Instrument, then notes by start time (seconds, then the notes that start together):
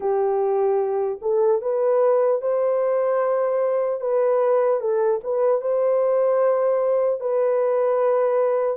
horn
0.00 G4
1.21 A4
1.61 B4
2.41 C5
4.00 B4
4.80 A4
5.23 B4
5.61 C5
7.20 B4